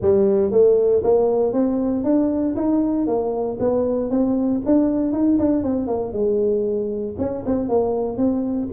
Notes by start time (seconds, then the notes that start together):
0.01 G3
0.51 A3
1.03 A#3
1.52 C4
2.03 D4
2.56 D#4
3.07 A#3
3.59 B3
4.10 C4
4.65 D4
5.12 D#4
5.38 D4
5.63 C4
5.87 A#3
6.13 G#3
7.18 C#4
7.46 C4
7.69 A#3
8.17 C4